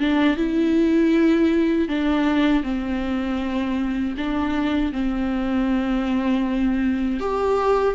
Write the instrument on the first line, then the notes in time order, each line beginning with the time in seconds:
viola
0.00 D4
0.37 E4
1.88 D4
2.63 C4
4.17 D4
4.93 C4
7.20 G4